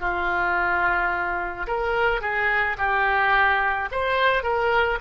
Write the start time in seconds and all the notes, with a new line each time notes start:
0.00 F4
1.67 A#4
2.21 G#4
2.78 G4
3.91 C5
4.43 A#4